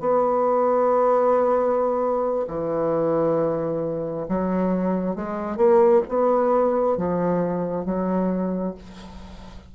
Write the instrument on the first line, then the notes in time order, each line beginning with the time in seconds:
bassoon
0.00 B3
2.48 E3
4.29 F#3
5.16 G#3
5.57 A#3
6.09 B3
6.97 F3
7.85 F#3